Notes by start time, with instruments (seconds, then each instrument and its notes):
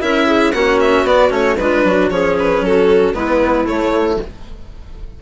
0.00 bassoon C#4, cello E4, clarinet A#4, violin E5
0.27 clarinet G#4
0.52 bassoon A#3, cello C#4, clarinet F#4, violin F#5
0.80 violin E5
1.03 bassoon B3, cello B3, violin D5
1.30 bassoon A3, cello C#4, violin C#5
1.57 bassoon G#3, cello D4, clarinet F4, violin B4
1.84 bassoon F#3, clarinet F#4
2.10 bassoon F3, cello C#4, clarinet G#4, violin C#5
2.39 violin B4
2.61 bassoon F#3, clarinet F#4, violin A4
3.14 bassoon G#3, cello B3, clarinet E4, violin B4
3.65 cello A3, bassoon A3, violin C#5